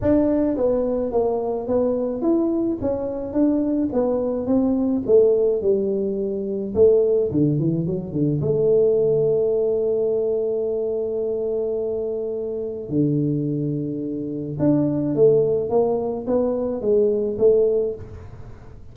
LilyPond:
\new Staff \with { instrumentName = "tuba" } { \time 4/4 \tempo 4 = 107 d'4 b4 ais4 b4 | e'4 cis'4 d'4 b4 | c'4 a4 g2 | a4 d8 e8 fis8 d8 a4~ |
a1~ | a2. d4~ | d2 d'4 a4 | ais4 b4 gis4 a4 | }